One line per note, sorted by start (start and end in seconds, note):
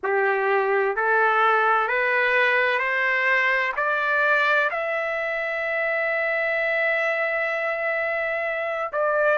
0.03 0.95 G4
0.95 1.87 A4
1.87 2.78 B4
2.78 3.72 C5
3.76 4.70 D5
4.70 8.92 E5
8.92 9.37 D5